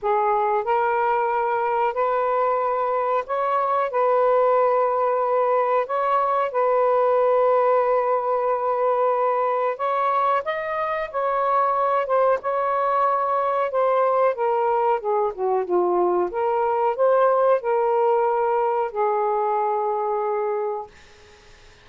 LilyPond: \new Staff \with { instrumentName = "saxophone" } { \time 4/4 \tempo 4 = 92 gis'4 ais'2 b'4~ | b'4 cis''4 b'2~ | b'4 cis''4 b'2~ | b'2. cis''4 |
dis''4 cis''4. c''8 cis''4~ | cis''4 c''4 ais'4 gis'8 fis'8 | f'4 ais'4 c''4 ais'4~ | ais'4 gis'2. | }